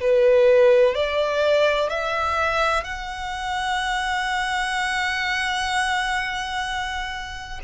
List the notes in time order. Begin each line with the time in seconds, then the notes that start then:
0.00 B4
0.94 D5
1.90 E5
2.84 F#5